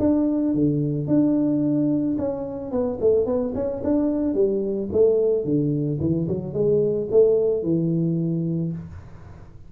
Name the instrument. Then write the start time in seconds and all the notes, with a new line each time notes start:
tuba
0.00 D4
0.55 D3
1.08 D4
2.19 C#4
2.72 B3
3.01 A3
3.26 B3
3.55 C#4
3.84 D4
4.35 G3
4.92 A3
5.45 D3
6.00 E3
6.28 F#3
6.54 G#3
7.12 A3
7.63 E3